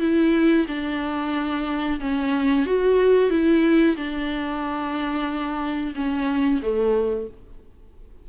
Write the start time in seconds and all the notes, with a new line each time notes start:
0.00 E4
0.68 D4
2.00 C#4
2.66 F#4
3.30 E4
3.96 D4
5.95 C#4
6.62 A3